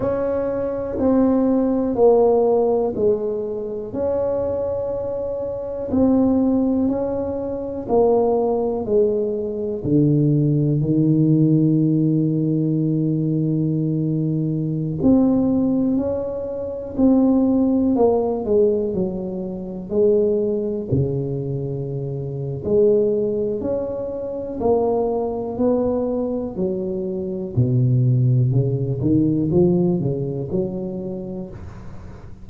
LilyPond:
\new Staff \with { instrumentName = "tuba" } { \time 4/4 \tempo 4 = 61 cis'4 c'4 ais4 gis4 | cis'2 c'4 cis'4 | ais4 gis4 d4 dis4~ | dis2.~ dis16 c'8.~ |
c'16 cis'4 c'4 ais8 gis8 fis8.~ | fis16 gis4 cis4.~ cis16 gis4 | cis'4 ais4 b4 fis4 | b,4 cis8 dis8 f8 cis8 fis4 | }